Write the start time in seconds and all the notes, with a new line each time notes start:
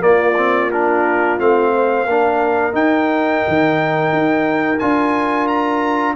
0.00 A#3 F4 D5
0.37 C4
0.71 D4 A#4
1.39 A3 C4 F5
1.74 C5
2.06 A#3 D4 A#4
2.73 D#4 G5
3.48 D#3
4.12 D#4
4.79 D4 F4 G#5
5.47 A#5